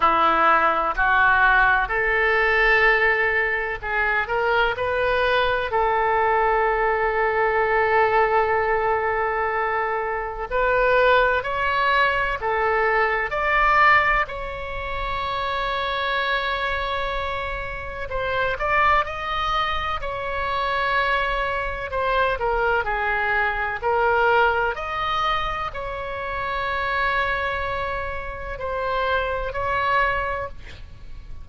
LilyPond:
\new Staff \with { instrumentName = "oboe" } { \time 4/4 \tempo 4 = 63 e'4 fis'4 a'2 | gis'8 ais'8 b'4 a'2~ | a'2. b'4 | cis''4 a'4 d''4 cis''4~ |
cis''2. c''8 d''8 | dis''4 cis''2 c''8 ais'8 | gis'4 ais'4 dis''4 cis''4~ | cis''2 c''4 cis''4 | }